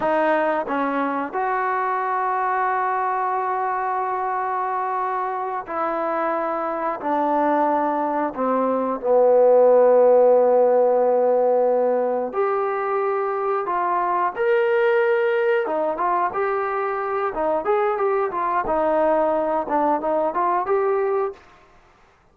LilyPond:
\new Staff \with { instrumentName = "trombone" } { \time 4/4 \tempo 4 = 90 dis'4 cis'4 fis'2~ | fis'1~ | fis'8 e'2 d'4.~ | d'8 c'4 b2~ b8~ |
b2~ b8 g'4.~ | g'8 f'4 ais'2 dis'8 | f'8 g'4. dis'8 gis'8 g'8 f'8 | dis'4. d'8 dis'8 f'8 g'4 | }